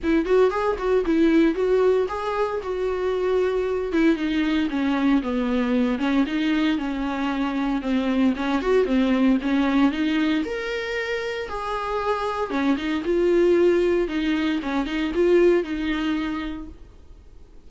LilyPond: \new Staff \with { instrumentName = "viola" } { \time 4/4 \tempo 4 = 115 e'8 fis'8 gis'8 fis'8 e'4 fis'4 | gis'4 fis'2~ fis'8 e'8 | dis'4 cis'4 b4. cis'8 | dis'4 cis'2 c'4 |
cis'8 fis'8 c'4 cis'4 dis'4 | ais'2 gis'2 | cis'8 dis'8 f'2 dis'4 | cis'8 dis'8 f'4 dis'2 | }